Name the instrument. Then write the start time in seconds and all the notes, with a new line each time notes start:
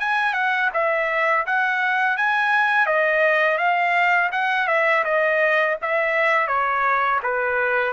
trumpet
0.00 G#5
0.34 F#5
0.74 E5
1.47 F#5
2.18 G#5
2.87 D#5
3.58 F5
4.32 F#5
4.68 E5
5.05 D#5
5.82 E5
6.48 C#5
7.24 B4